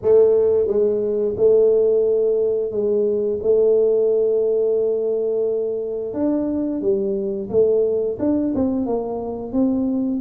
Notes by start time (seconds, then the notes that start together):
0.02 A3
0.67 G#3
1.36 A3
2.71 G#3
3.42 A3
6.13 D4
6.81 G3
7.49 A3
8.19 D4
8.54 C4
8.86 A#3
9.52 C4